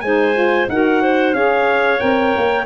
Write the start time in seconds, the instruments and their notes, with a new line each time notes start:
0.00 tuba G#3, saxophone D#4, clarinet C5, trumpet G#5
0.34 saxophone F4
0.68 tuba D#4, saxophone F#4, clarinet A#4, trumpet F#5
1.02 clarinet C5
1.33 tuba C#4, saxophone G#4, clarinet C#5, trumpet F5
1.98 tuba C4, saxophone A#4, trumpet G5
2.36 tuba A#3